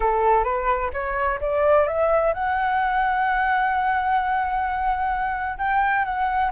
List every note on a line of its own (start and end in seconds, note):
0.00 0.44 A4
0.44 0.90 B4
0.93 1.39 C#5
1.41 1.87 D5
1.87 2.33 E5
2.33 5.58 F#5
5.58 6.04 G5
6.04 6.51 F#5